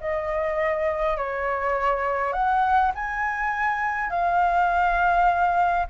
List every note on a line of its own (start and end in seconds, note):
0.00 1.17 D#5
1.17 2.32 C#5
2.32 2.91 F#5
2.94 4.10 G#5
4.10 5.86 F5